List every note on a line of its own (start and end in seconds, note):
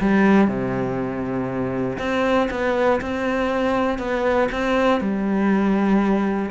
0.00 0.47 G3
0.47 1.97 C3
1.99 2.49 C4
2.50 3.00 B3
3.01 3.99 C4
3.99 4.49 B3
4.52 5.00 C4
5.00 6.50 G3